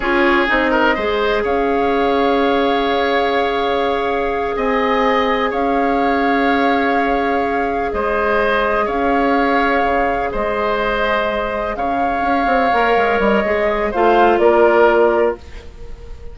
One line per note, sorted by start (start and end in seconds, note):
0.00 0.48 C#4
0.00 0.47 F4
0.00 0.70 G#4
0.00 0.45 C#5
0.47 0.97 C4
0.47 0.95 D#4
0.47 1.44 D#5
0.70 0.94 A#4
0.94 1.44 G#3
0.94 12.72 G#4
0.94 1.42 C5
1.43 4.56 C#4
1.43 4.55 C#5
1.43 4.56 F5
4.56 5.52 C4
4.56 5.50 D#5
4.56 5.53 G#5
5.50 7.92 C#4
5.50 7.90 C#5
5.50 7.92 F5
7.92 8.87 G#3
7.92 8.85 C5
7.92 8.87 D#5
8.85 9.83 C#4
8.85 10.29 C#5
8.85 10.31 F5
9.83 10.31 C#3
10.31 11.76 G#3
10.31 11.75 C5
10.31 11.76 D#5
11.76 12.21 C#3
11.76 13.90 C#5
11.76 13.20 F5
12.21 12.45 C#4
12.46 12.70 C4
12.72 12.96 A#3
12.72 13.45 A#4
12.96 13.19 G#3
13.19 13.43 G3
13.19 13.92 D#5
13.44 13.92 G#3
13.44 13.93 G#4
13.90 14.38 A3
13.90 15.38 F4
13.90 14.38 C5
13.90 14.38 F5
14.38 15.34 A#3
14.38 15.37 A#4
14.38 15.34 D5